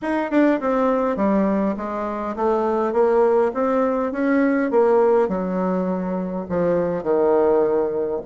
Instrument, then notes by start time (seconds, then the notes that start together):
bassoon
0.02 D#4
0.30 D4
0.60 C4
1.16 G3
1.76 G#3
2.35 A3
2.93 A#3
3.53 C4
4.12 C#4
4.70 A#3
5.28 F#3
6.49 F3
7.03 D#3